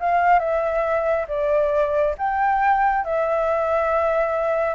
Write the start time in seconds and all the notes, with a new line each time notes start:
0.00 F5
0.39 E5
1.28 D5
2.18 G5
3.04 E5